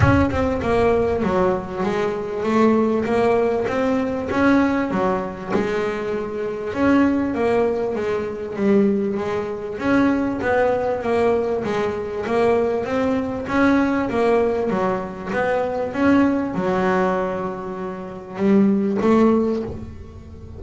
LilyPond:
\new Staff \with { instrumentName = "double bass" } { \time 4/4 \tempo 4 = 98 cis'8 c'8 ais4 fis4 gis4 | a4 ais4 c'4 cis'4 | fis4 gis2 cis'4 | ais4 gis4 g4 gis4 |
cis'4 b4 ais4 gis4 | ais4 c'4 cis'4 ais4 | fis4 b4 cis'4 fis4~ | fis2 g4 a4 | }